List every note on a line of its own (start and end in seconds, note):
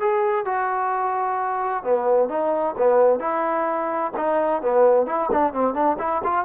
0.00 0.45 G#4
0.45 1.84 F#4
1.84 2.29 B3
2.29 2.75 D#4
2.78 3.20 B3
3.20 4.12 E4
4.17 4.62 D#4
4.62 5.06 B3
5.06 5.30 E4
5.32 5.53 D4
5.53 5.74 C4
5.74 5.97 D4
5.99 6.22 E4
6.24 6.45 F4